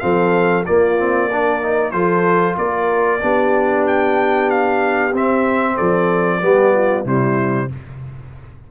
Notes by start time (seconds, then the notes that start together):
0.00 F3 C4 A4 F5
0.66 A#3 F4 D5
0.99 C4
1.32 D4 A#4
1.62 D#4
1.91 F3 F4 A4 C5
2.58 A#3 A#4 D5
3.21 B3 D4 G4
3.87 G5
4.50 F5
5.13 C4 E5
5.75 F3 A4 D5
6.41 G3 B3 G4
6.74 F4
7.05 C3 G3 E4 C5